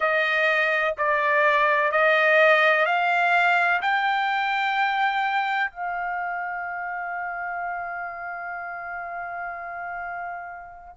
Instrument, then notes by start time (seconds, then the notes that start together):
trumpet
0.00 D#5
0.97 D5
1.91 D#5
2.85 F5
3.81 G5
5.70 F5